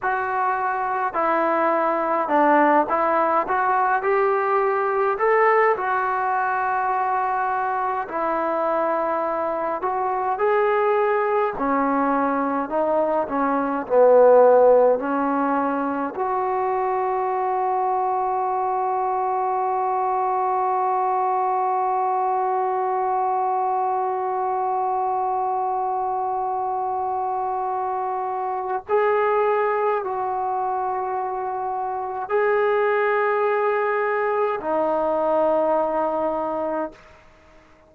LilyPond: \new Staff \with { instrumentName = "trombone" } { \time 4/4 \tempo 4 = 52 fis'4 e'4 d'8 e'8 fis'8 g'8~ | g'8 a'8 fis'2 e'4~ | e'8 fis'8 gis'4 cis'4 dis'8 cis'8 | b4 cis'4 fis'2~ |
fis'1~ | fis'1~ | fis'4 gis'4 fis'2 | gis'2 dis'2 | }